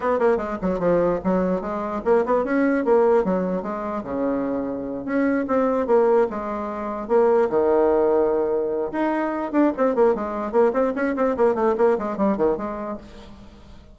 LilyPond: \new Staff \with { instrumentName = "bassoon" } { \time 4/4 \tempo 4 = 148 b8 ais8 gis8 fis8 f4 fis4 | gis4 ais8 b8 cis'4 ais4 | fis4 gis4 cis2~ | cis8 cis'4 c'4 ais4 gis8~ |
gis4. ais4 dis4.~ | dis2 dis'4. d'8 | c'8 ais8 gis4 ais8 c'8 cis'8 c'8 | ais8 a8 ais8 gis8 g8 dis8 gis4 | }